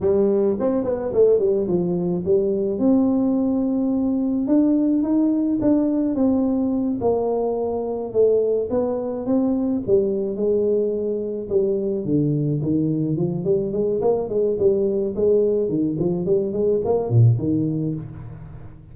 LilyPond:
\new Staff \with { instrumentName = "tuba" } { \time 4/4 \tempo 4 = 107 g4 c'8 b8 a8 g8 f4 | g4 c'2. | d'4 dis'4 d'4 c'4~ | c'8 ais2 a4 b8~ |
b8 c'4 g4 gis4.~ | gis8 g4 d4 dis4 f8 | g8 gis8 ais8 gis8 g4 gis4 | dis8 f8 g8 gis8 ais8 ais,8 dis4 | }